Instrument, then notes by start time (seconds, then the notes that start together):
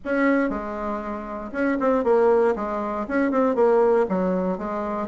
bassoon
0.05 C#4
0.49 G#3
1.52 C#4
1.80 C4
2.04 A#3
2.55 G#3
3.07 C#4
3.31 C4
3.55 A#3
4.08 F#3
4.58 G#3